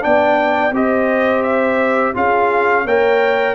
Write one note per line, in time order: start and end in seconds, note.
0.00 0.71 B3
0.00 0.71 D4
0.00 0.74 D5
0.00 0.74 G5
0.71 2.12 C4
0.71 2.14 G4
0.71 2.15 C5
0.71 1.42 D#5
1.42 2.13 E5
2.14 2.84 C#4
2.14 2.85 F4
2.14 2.84 G#4
2.14 2.87 F5
2.84 3.55 A#3
2.84 3.55 A#4
2.84 3.55 C#5
2.84 3.55 G5